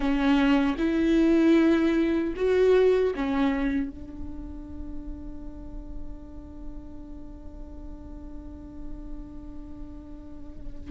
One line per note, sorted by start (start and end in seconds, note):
0.00 0.76 C#4
0.78 2.33 E4
2.36 3.13 F#4
3.15 3.90 C#4
3.90 10.90 D4